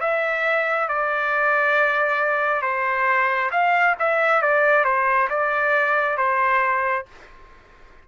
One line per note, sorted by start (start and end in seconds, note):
0.00 0.88 E5
0.88 2.62 D5
2.62 3.50 C5
3.51 3.95 F5
3.99 4.42 E5
4.42 4.84 D5
4.84 5.28 C5
5.29 6.17 D5
6.17 7.05 C5